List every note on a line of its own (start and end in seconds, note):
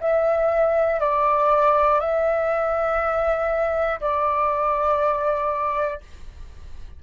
0.00 1.00 E5
1.00 2.00 D5
2.00 4.00 E5
4.00 6.00 D5